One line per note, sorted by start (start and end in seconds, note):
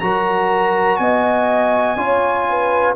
0.00 0.99 F#3
0.00 1.98 F#4
0.00 1.01 A#4
0.00 0.97 A#5
0.97 1.96 B3
0.97 1.98 D#5
0.97 2.94 G#5
1.96 2.95 C#4
1.96 2.96 F4
1.96 2.47 C#5
2.50 2.97 B4